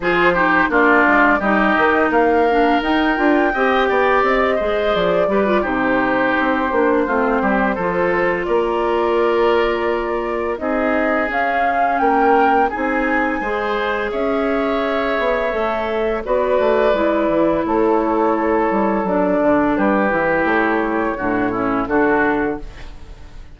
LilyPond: <<
  \new Staff \with { instrumentName = "flute" } { \time 4/4 \tempo 4 = 85 c''4 d''4 dis''4 f''4 | g''2 dis''4 d''4 | c''1 | d''2. dis''4 |
f''4 g''4 gis''2 | e''2. d''4~ | d''4 cis''2 d''4 | b'4 cis''2 a'4 | }
  \new Staff \with { instrumentName = "oboe" } { \time 4/4 gis'8 g'8 f'4 g'4 ais'4~ | ais'4 dis''8 d''4 c''4 b'8 | g'2 f'8 g'8 a'4 | ais'2. gis'4~ |
gis'4 ais'4 gis'4 c''4 | cis''2. b'4~ | b'4 a'2. | g'2 fis'8 e'8 fis'4 | }
  \new Staff \with { instrumentName = "clarinet" } { \time 4/4 f'8 dis'8 d'4 dis'4. d'8 | dis'8 f'8 g'4. gis'4 g'16 f'16 | dis'4. d'8 c'4 f'4~ | f'2. dis'4 |
cis'2 dis'4 gis'4~ | gis'2 a'4 fis'4 | e'2. d'4~ | d'8 e'4. d'8 cis'8 d'4 | }
  \new Staff \with { instrumentName = "bassoon" } { \time 4/4 f4 ais8 gis8 g8 dis8 ais4 | dis'8 d'8 c'8 b8 c'8 gis8 f8 g8 | c4 c'8 ais8 a8 g8 f4 | ais2. c'4 |
cis'4 ais4 c'4 gis4 | cis'4. b8 a4 b8 a8 | gis8 e8 a4. g8 fis8 d8 | g8 e8 a4 a,4 d4 | }
>>